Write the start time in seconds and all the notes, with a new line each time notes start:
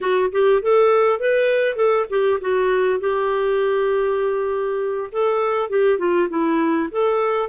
0.00 F#4
0.31 G4
0.62 A4
1.19 B4
1.76 A4
2.09 G4
2.40 F#4
2.99 G4
5.12 A4
5.69 G4
5.98 F4
6.29 E4
6.91 A4